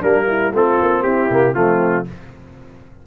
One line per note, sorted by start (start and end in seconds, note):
0.00 0.53 G3
0.00 0.53 A#3
0.00 0.26 D4
0.00 0.54 A#4
0.28 0.53 E4
0.53 0.79 A3
0.53 1.31 C4
0.53 1.04 F4
0.53 1.03 A4
0.81 1.05 A#3
1.03 1.30 C4
1.03 1.55 E4
1.03 1.54 G4
1.30 1.55 C3
1.30 1.54 A#3
1.54 2.07 F3
1.54 2.05 A3
1.54 2.06 C4
1.54 2.06 F4